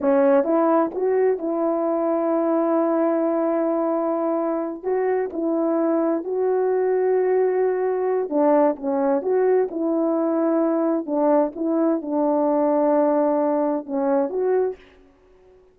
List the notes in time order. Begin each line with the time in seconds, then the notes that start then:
0.00 C#4
0.44 E4
0.94 F#4
1.38 E4
4.83 F#4
5.33 E4
6.24 F#4
8.29 D4
8.76 C#4
9.22 F#4
9.70 E4
11.06 D4
11.55 E4
12.01 D4
13.86 C#4
14.29 F#4